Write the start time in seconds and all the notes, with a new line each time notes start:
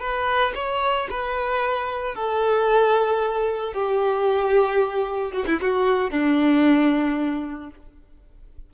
0.00 B4
0.55 C#5
1.10 B4
2.15 A4
3.73 G4
5.32 F#4
5.47 E4
5.61 F#4
6.11 D4